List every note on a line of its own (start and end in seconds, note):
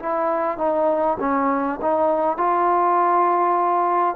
0.00 0.58 E4
0.58 1.18 D#4
1.20 1.80 C#4
1.82 2.38 D#4
2.38 4.16 F4